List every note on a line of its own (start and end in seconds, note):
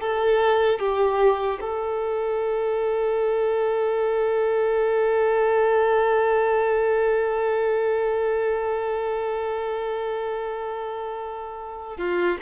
0.00 0.79 A4
0.79 1.59 G4
1.60 11.97 A4
11.97 12.37 F4